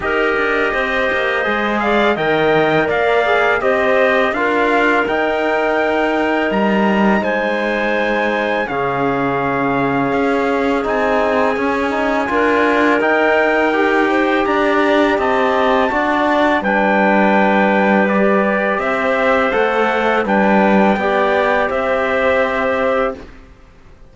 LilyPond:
<<
  \new Staff \with { instrumentName = "trumpet" } { \time 4/4 \tempo 4 = 83 dis''2~ dis''8 f''8 g''4 | f''4 dis''4 f''4 g''4~ | g''4 ais''4 gis''2 | f''2. gis''4~ |
gis''2 g''2 | ais''4 a''2 g''4~ | g''4 d''4 e''4 fis''4 | g''2 e''2 | }
  \new Staff \with { instrumentName = "clarinet" } { \time 4/4 ais'4 c''4. d''8 dis''4 | d''4 c''4 ais'2~ | ais'2 c''2 | gis'1~ |
gis'4 ais'2~ ais'8 c''8 | d''4 dis''4 d''4 b'4~ | b'2 c''2 | b'4 d''4 c''2 | }
  \new Staff \with { instrumentName = "trombone" } { \time 4/4 g'2 gis'4 ais'4~ | ais'8 gis'8 g'4 f'4 dis'4~ | dis'1 | cis'2. dis'4 |
cis'8 dis'8 f'4 dis'4 g'4~ | g'2 fis'4 d'4~ | d'4 g'2 a'4 | d'4 g'2. | }
  \new Staff \with { instrumentName = "cello" } { \time 4/4 dis'8 d'8 c'8 ais8 gis4 dis4 | ais4 c'4 d'4 dis'4~ | dis'4 g4 gis2 | cis2 cis'4 c'4 |
cis'4 d'4 dis'2 | d'4 c'4 d'4 g4~ | g2 c'4 a4 | g4 b4 c'2 | }
>>